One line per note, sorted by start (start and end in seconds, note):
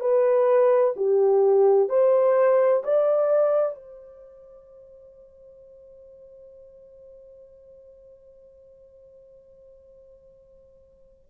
0.00 0.94 B4
0.96 1.89 G4
1.89 2.83 C5
2.84 3.75 D5
3.75 11.25 C5